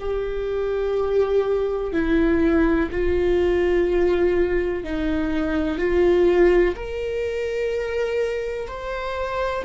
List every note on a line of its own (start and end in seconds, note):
0.00 1.92 G4
1.92 2.89 E4
2.91 4.84 F4
4.84 5.78 D#4
5.78 6.75 F4
6.76 8.68 A#4
8.68 9.65 C5